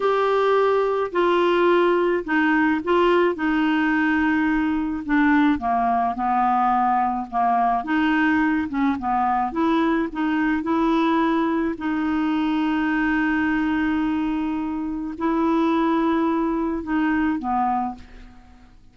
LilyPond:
\new Staff \with { instrumentName = "clarinet" } { \time 4/4 \tempo 4 = 107 g'2 f'2 | dis'4 f'4 dis'2~ | dis'4 d'4 ais4 b4~ | b4 ais4 dis'4. cis'8 |
b4 e'4 dis'4 e'4~ | e'4 dis'2.~ | dis'2. e'4~ | e'2 dis'4 b4 | }